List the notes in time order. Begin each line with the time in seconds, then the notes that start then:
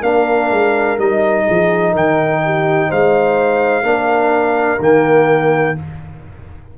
0.00 A#3 D4 A#4 F5
0.50 G#3
0.97 G3 D#4 D#5
1.45 F3 G#4
1.91 D#3 A#4 G5
2.44 G4
2.88 G#3 C5 F5
3.83 A#3 D4 A#4
4.79 D#3 A#3 G5